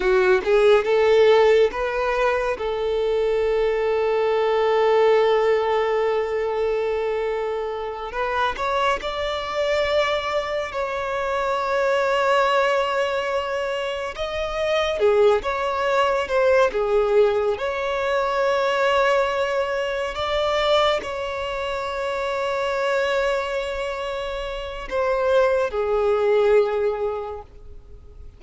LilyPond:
\new Staff \with { instrumentName = "violin" } { \time 4/4 \tempo 4 = 70 fis'8 gis'8 a'4 b'4 a'4~ | a'1~ | a'4. b'8 cis''8 d''4.~ | d''8 cis''2.~ cis''8~ |
cis''8 dis''4 gis'8 cis''4 c''8 gis'8~ | gis'8 cis''2. d''8~ | d''8 cis''2.~ cis''8~ | cis''4 c''4 gis'2 | }